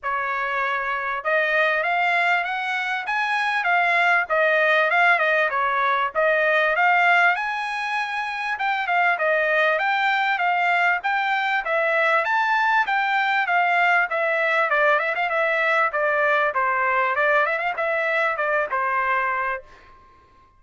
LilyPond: \new Staff \with { instrumentName = "trumpet" } { \time 4/4 \tempo 4 = 98 cis''2 dis''4 f''4 | fis''4 gis''4 f''4 dis''4 | f''8 dis''8 cis''4 dis''4 f''4 | gis''2 g''8 f''8 dis''4 |
g''4 f''4 g''4 e''4 | a''4 g''4 f''4 e''4 | d''8 e''16 f''16 e''4 d''4 c''4 | d''8 e''16 f''16 e''4 d''8 c''4. | }